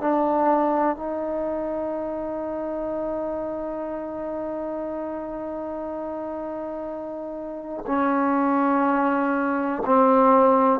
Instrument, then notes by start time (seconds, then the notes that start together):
trombone
0.00 D4
0.96 D#4
7.86 C#4
9.85 C4